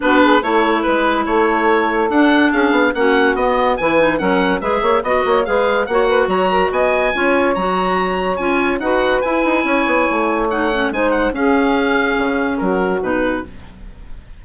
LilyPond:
<<
  \new Staff \with { instrumentName = "oboe" } { \time 4/4 \tempo 4 = 143 b'4 cis''4 b'4 cis''4~ | cis''4 fis''4 f''4 fis''4 | dis''4 gis''4 fis''4 e''4 | dis''4 f''4 fis''4 ais''4 |
gis''2 ais''2 | gis''4 fis''4 gis''2~ | gis''4 fis''4 gis''8 fis''8 f''4~ | f''2 ais'4 b'4 | }
  \new Staff \with { instrumentName = "saxophone" } { \time 4/4 fis'8 gis'8 a'4 b'4 a'4~ | a'2 gis'4 fis'4~ | fis'4 b'4 ais'4 b'8 cis''8 | dis''8 cis''8 b'4 cis''8 b'8 cis''8 ais'8 |
dis''4 cis''2.~ | cis''4 b'2 cis''4~ | cis''2 c''4 gis'4~ | gis'2 fis'2 | }
  \new Staff \with { instrumentName = "clarinet" } { \time 4/4 d'4 e'2.~ | e'4 d'2 cis'4 | b4 e'8 dis'8 cis'4 gis'4 | fis'4 gis'4 fis'2~ |
fis'4 f'4 fis'2 | f'4 fis'4 e'2~ | e'4 dis'8 cis'8 dis'4 cis'4~ | cis'2. dis'4 | }
  \new Staff \with { instrumentName = "bassoon" } { \time 4/4 b4 a4 gis4 a4~ | a4 d'4 cis'8 b8 ais4 | b4 e4 fis4 gis8 ais8 | b8 ais8 gis4 ais4 fis4 |
b4 cis'4 fis2 | cis'4 dis'4 e'8 dis'8 cis'8 b8 | a2 gis4 cis'4~ | cis'4 cis4 fis4 b,4 | }
>>